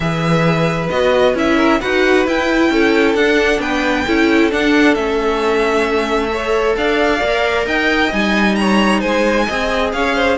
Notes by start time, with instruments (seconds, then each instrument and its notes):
0.00 cello E3, viola G#4, violin B4 E5
0.89 cello B3, viola F#4, violin D#5
1.34 cello C#4, viola E4, violin E5
1.55 violin A#4
1.80 cello D#4, viola F#4, violin B4 F#5
2.26 cello E4, viola E4, violin G5
2.70 cello C#4, violin A4
3.15 cello D4, viola D4, violin F#5
3.59 cello B3, violin B4 G5
4.06 cello C#4, viola E4, violin A4
4.50 viola D4, cello D4, violin F#5
4.94 cello A3, viola C#4, violin E5
6.29 viola A4, violin C#5
6.76 cello D4, violin D5 F5
7.20 cello A#3, viola A#4
7.66 cello D#4, violin D#5 G5
8.12 cello G3, viola D#4, violin G#5
8.55 violin C#5 A#5
9.00 cello G#3, violin C5 G#5
9.46 cello C4, viola G#4, violin D#5
9.92 cello C#4, violin C#5 F5
10.15 violin C5